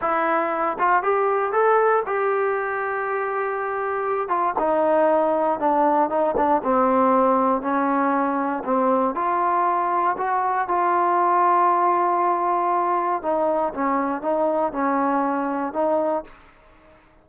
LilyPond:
\new Staff \with { instrumentName = "trombone" } { \time 4/4 \tempo 4 = 118 e'4. f'8 g'4 a'4 | g'1~ | g'8 f'8 dis'2 d'4 | dis'8 d'8 c'2 cis'4~ |
cis'4 c'4 f'2 | fis'4 f'2.~ | f'2 dis'4 cis'4 | dis'4 cis'2 dis'4 | }